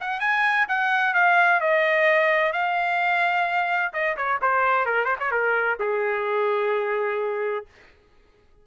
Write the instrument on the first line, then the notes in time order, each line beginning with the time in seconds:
trumpet
0.00 F#5
0.20 G#5
0.68 F#5
1.14 F5
1.60 D#5
2.53 F5
3.93 D#5
4.16 C#5
4.41 C5
4.85 A#4
5.04 C5
5.19 C#5
5.31 A#4
5.79 G#4